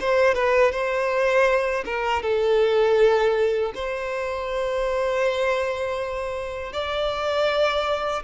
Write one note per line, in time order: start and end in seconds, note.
0.00 0.35 C5
0.35 0.72 B4
0.72 1.84 C5
1.85 2.23 A#4
2.23 3.73 A4
3.75 6.73 C5
6.73 8.23 D5